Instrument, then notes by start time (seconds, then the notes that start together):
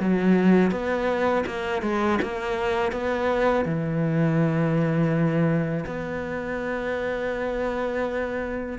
cello
0.00 F#3
0.72 B3
1.46 A#3
1.82 G#3
2.23 A#3
2.92 B3
3.65 E3
5.86 B3